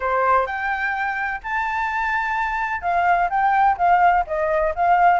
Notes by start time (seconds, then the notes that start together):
0.00 C5
0.46 G5
1.43 A5
2.81 F5
3.29 G5
3.77 F5
4.26 D#5
4.75 F5